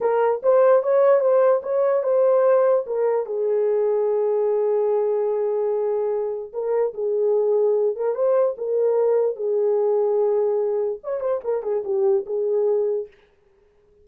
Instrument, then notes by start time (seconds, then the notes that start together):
horn
0.01 A#4
0.42 C5
0.82 C#5
1.20 C5
1.63 C#5
2.03 C5
2.86 A#4
3.26 G#4
6.52 A#4
6.94 G#4
7.95 A#4
8.14 C5
8.57 A#4
9.36 G#4
11.03 C#5
11.20 C5
11.44 A#4
11.63 G#4
11.84 G4
12.26 G#4